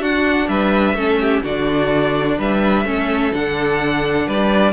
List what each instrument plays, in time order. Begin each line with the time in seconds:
0.00 cello D4, viola D4, violin F#4 F#5
0.48 cello G3, violin B4 E5
0.94 cello A3, viola C#4, violin A4
1.20 violin G4
1.43 cello D3, viola D4, violin F#4 D5
2.38 cello G3, violin B4 E5
2.84 cello A3, viola C#4, violin A4
3.32 cello D3, viola D4, violin F#5
4.26 cello G3, violin B4 D5